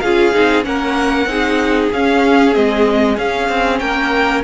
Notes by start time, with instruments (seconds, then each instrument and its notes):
0.00 cello C#4, viola F4, violin G#4 F5
0.33 cello C4, viola D#4
0.63 cello A#3, viola C#4, violin A#4 F#5
1.26 cello C4, viola D#4, violin G#4
1.93 cello C#4, viola C#4, violin F5
2.53 cello G#3, viola C4, violin D#5
3.17 cello C#4, viola C#4, violin F5
3.49 cello C4
3.79 cello A#3, violin A#4 G5